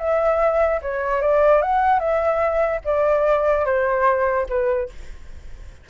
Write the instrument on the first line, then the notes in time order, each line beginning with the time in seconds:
flute
0.00 E5
0.82 C#5
1.22 D5
1.63 F#5
2.00 E5
2.85 D5
3.66 C5
4.50 B4